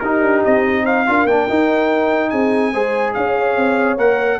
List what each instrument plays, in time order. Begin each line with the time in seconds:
0.00 tuba D#4, trombone D#4, horn G4, trumpet A#4
0.21 tuba D4
0.44 tuba C4, trumpet D#5
0.84 horn C5, trumpet F5
1.07 tuba D4, trombone F4, horn A#4
1.25 tuba A#3, trombone D4, trumpet G5
1.49 trombone D#4, tuba D#4
2.30 tuba C4, horn G#4, trumpet G#5
2.72 tuba G#3, trombone G#4, horn C5
3.14 tuba C#4, horn C#5, trumpet F5
3.56 tuba C4
3.97 tuba A#3, trombone A#4, trumpet F#5